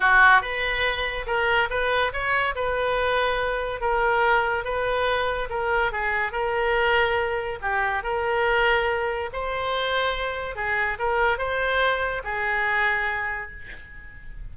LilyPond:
\new Staff \with { instrumentName = "oboe" } { \time 4/4 \tempo 4 = 142 fis'4 b'2 ais'4 | b'4 cis''4 b'2~ | b'4 ais'2 b'4~ | b'4 ais'4 gis'4 ais'4~ |
ais'2 g'4 ais'4~ | ais'2 c''2~ | c''4 gis'4 ais'4 c''4~ | c''4 gis'2. | }